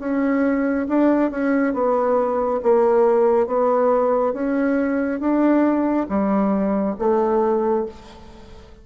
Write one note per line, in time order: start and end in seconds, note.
0.00 0.87 C#4
0.89 1.31 D4
1.31 1.74 C#4
1.74 2.61 B3
2.63 3.47 A#3
3.47 4.34 B3
4.34 5.21 C#4
5.21 6.08 D4
6.09 6.96 G3
6.99 7.86 A3